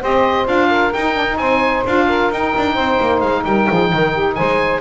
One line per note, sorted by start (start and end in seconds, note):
0.00 0.47 C4
0.00 0.45 G4
0.00 0.69 C5
0.00 0.47 D#5
0.45 0.93 D4
0.45 0.90 F4
0.45 0.93 F5
0.69 1.37 A#4
0.93 1.37 D#4
0.93 1.14 D#4
0.93 1.37 G5
1.14 1.26 D4
1.29 1.86 D#4
1.37 1.83 C4
1.37 2.07 C5
1.37 1.83 G#5
1.86 2.30 D4
1.86 2.32 F4
1.86 2.32 F5
2.07 2.74 A#4
2.30 2.53 D#4
2.30 4.80 D#4
2.30 3.20 G5
2.57 2.75 D4
2.74 2.98 C4
2.74 3.42 C5
3.00 3.21 A#3
3.20 3.44 G#3
3.20 3.43 F5
3.44 3.68 G3
3.44 3.69 A#4
3.44 4.34 G5
3.69 3.92 F3
3.69 3.91 G#4
3.92 4.38 D#3
3.92 4.13 A#4
4.13 4.35 G4
4.34 4.80 G#3
4.34 4.80 C5
4.34 4.80 G#5